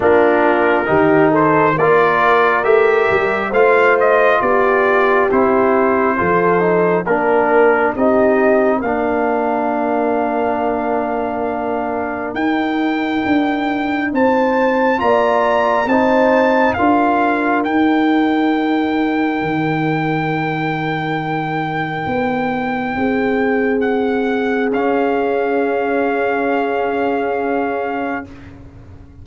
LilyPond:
<<
  \new Staff \with { instrumentName = "trumpet" } { \time 4/4 \tempo 4 = 68 ais'4. c''8 d''4 e''4 | f''8 dis''8 d''4 c''2 | ais'4 dis''4 f''2~ | f''2 g''2 |
a''4 ais''4 a''4 f''4 | g''1~ | g''2. fis''4 | f''1 | }
  \new Staff \with { instrumentName = "horn" } { \time 4/4 f'4 g'8 a'8 ais'2 | c''4 g'2 a'4 | ais'4 g'4 ais'2~ | ais'1 |
c''4 d''4 c''4 ais'4~ | ais'1~ | ais'2 gis'2~ | gis'1 | }
  \new Staff \with { instrumentName = "trombone" } { \time 4/4 d'4 dis'4 f'4 g'4 | f'2 e'4 f'8 dis'8 | d'4 dis'4 d'2~ | d'2 dis'2~ |
dis'4 f'4 dis'4 f'4 | dis'1~ | dis'1 | cis'1 | }
  \new Staff \with { instrumentName = "tuba" } { \time 4/4 ais4 dis4 ais4 a8 g8 | a4 b4 c'4 f4 | ais4 c'4 ais2~ | ais2 dis'4 d'4 |
c'4 ais4 c'4 d'4 | dis'2 dis2~ | dis4 b4 c'2 | cis'1 | }
>>